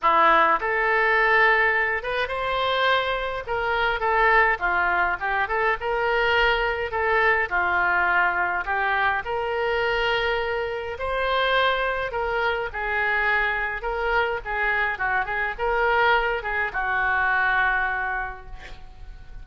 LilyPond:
\new Staff \with { instrumentName = "oboe" } { \time 4/4 \tempo 4 = 104 e'4 a'2~ a'8 b'8 | c''2 ais'4 a'4 | f'4 g'8 a'8 ais'2 | a'4 f'2 g'4 |
ais'2. c''4~ | c''4 ais'4 gis'2 | ais'4 gis'4 fis'8 gis'8 ais'4~ | ais'8 gis'8 fis'2. | }